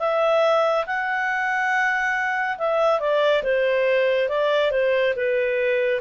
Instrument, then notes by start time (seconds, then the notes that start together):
clarinet
0.00 E5
0.86 F#5
2.58 E5
3.00 D5
3.44 C5
4.29 D5
4.71 C5
5.16 B4